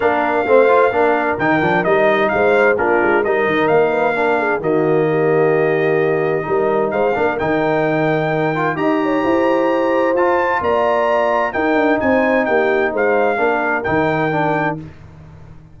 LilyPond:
<<
  \new Staff \with { instrumentName = "trumpet" } { \time 4/4 \tempo 4 = 130 f''2. g''4 | dis''4 f''4 ais'4 dis''4 | f''2 dis''2~ | dis''2. f''4 |
g''2. ais''4~ | ais''2 a''4 ais''4~ | ais''4 g''4 gis''4 g''4 | f''2 g''2 | }
  \new Staff \with { instrumentName = "horn" } { \time 4/4 ais'4 c''4 ais'2~ | ais'4 c''4 f'4 ais'4~ | ais'8 b'8 ais'8 gis'8 fis'4 g'4~ | g'2 ais'4 c''8 ais'8~ |
ais'2. dis''8 cis''8 | c''2. d''4~ | d''4 ais'4 c''4 g'4 | c''4 ais'2. | }
  \new Staff \with { instrumentName = "trombone" } { \time 4/4 d'4 c'8 f'8 d'4 dis'8 d'8 | dis'2 d'4 dis'4~ | dis'4 d'4 ais2~ | ais2 dis'4. d'8 |
dis'2~ dis'8 f'8 g'4~ | g'2 f'2~ | f'4 dis'2.~ | dis'4 d'4 dis'4 d'4 | }
  \new Staff \with { instrumentName = "tuba" } { \time 4/4 ais4 a4 ais4 dis8 f8 | g4 gis4 ais8 gis8 g8 dis8 | ais2 dis2~ | dis2 g4 gis8 ais8 |
dis2. dis'4 | e'2 f'4 ais4~ | ais4 dis'8 d'8 c'4 ais4 | gis4 ais4 dis2 | }
>>